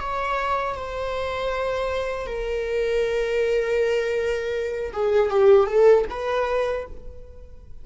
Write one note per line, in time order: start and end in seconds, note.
0.00 0.75 C#5
0.75 2.26 C5
2.26 4.92 A#4
4.93 5.30 G#4
5.30 5.67 G4
5.67 6.05 A4
6.10 6.86 B4